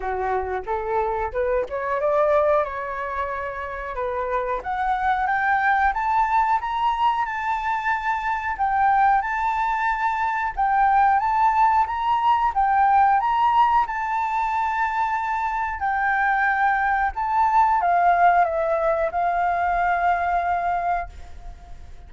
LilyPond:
\new Staff \with { instrumentName = "flute" } { \time 4/4 \tempo 4 = 91 fis'4 a'4 b'8 cis''8 d''4 | cis''2 b'4 fis''4 | g''4 a''4 ais''4 a''4~ | a''4 g''4 a''2 |
g''4 a''4 ais''4 g''4 | ais''4 a''2. | g''2 a''4 f''4 | e''4 f''2. | }